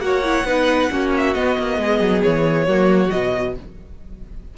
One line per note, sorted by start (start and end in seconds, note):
0.00 0.44 A#3
0.00 0.24 F#4
0.00 0.47 C#5
0.00 1.11 F#5
0.24 0.46 E4
0.45 0.89 B3
0.45 0.91 D#4
0.45 0.91 B4
0.91 1.36 A#3
0.91 1.35 C#4
0.91 1.81 F#4
1.17 1.34 E5
1.34 1.58 B3
1.34 2.68 B3
1.34 2.22 D#5
1.59 1.78 A#3
1.78 2.00 G#3
1.78 2.67 G#4
2.01 2.23 F#3
2.23 2.68 E3
2.23 3.10 C#5
2.67 3.12 F#3
2.67 3.10 A#3
2.67 3.55 F#4
3.10 3.58 B2
3.10 3.54 F#3
3.10 3.55 D#5